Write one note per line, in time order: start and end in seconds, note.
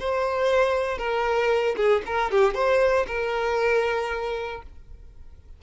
0.00 0.99 C5
0.99 1.76 A#4
1.77 2.03 G#4
2.06 2.32 A#4
2.32 2.55 G4
2.55 3.06 C5
3.08 4.63 A#4